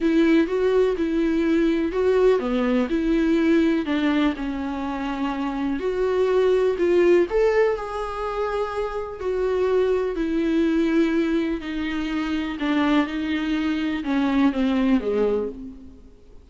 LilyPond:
\new Staff \with { instrumentName = "viola" } { \time 4/4 \tempo 4 = 124 e'4 fis'4 e'2 | fis'4 b4 e'2 | d'4 cis'2. | fis'2 f'4 a'4 |
gis'2. fis'4~ | fis'4 e'2. | dis'2 d'4 dis'4~ | dis'4 cis'4 c'4 gis4 | }